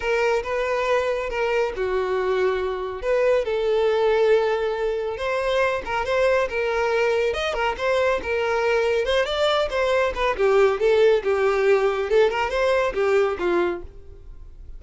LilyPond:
\new Staff \with { instrumentName = "violin" } { \time 4/4 \tempo 4 = 139 ais'4 b'2 ais'4 | fis'2. b'4 | a'1 | c''4. ais'8 c''4 ais'4~ |
ais'4 dis''8 ais'8 c''4 ais'4~ | ais'4 c''8 d''4 c''4 b'8 | g'4 a'4 g'2 | a'8 ais'8 c''4 g'4 f'4 | }